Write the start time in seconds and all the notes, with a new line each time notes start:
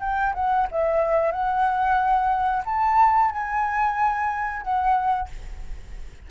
0.00 G5
0.34 F#5
0.71 E5
1.31 F#5
2.65 A5
3.31 G#5
4.62 F#5